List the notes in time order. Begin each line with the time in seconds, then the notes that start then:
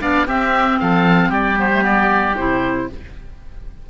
0.00 B3 D4 D5 F5
0.27 C4 G4 E5
0.79 F3 A4 F5
1.29 G3 G4 D5
1.56 B3 C5
1.72 A3
1.81 B3 D5
2.36 C3 E4 C5